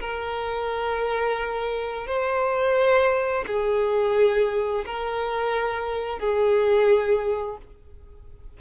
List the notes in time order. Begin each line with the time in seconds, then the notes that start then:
0.00 A#4
2.07 C5
3.47 G#4
4.86 A#4
6.19 G#4